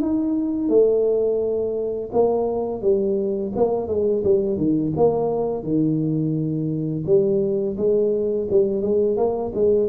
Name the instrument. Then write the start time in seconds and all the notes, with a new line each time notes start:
tuba
0.00 D#4
0.69 A3
2.12 A#3
2.81 G3
3.56 A#3
3.88 G#3
4.24 G3
4.57 D#3
4.96 A#3
5.63 D#3
7.06 G3
7.77 G#3
8.50 G3
8.82 G#3
9.16 A#3
9.54 G#3